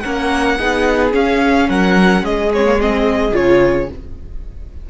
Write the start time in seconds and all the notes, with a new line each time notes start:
0.00 A#3 C#4 A#4 F#5
0.57 B3 D#4 G#4
1.11 C#4 F5
1.69 F#3 A#4 F#5
2.22 G#3 G#4 D#5
2.53 C4 C#5
2.65 A#3
2.80 C4 D#5
3.31 C#3 F4 C#5